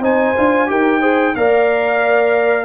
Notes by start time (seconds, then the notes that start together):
0.00 C4 D#4 C5 G#5
0.37 D4 F4
0.67 D#4 G4 A#4 G5
1.00 G#4 C5
1.35 A#3 A#4 D5 F5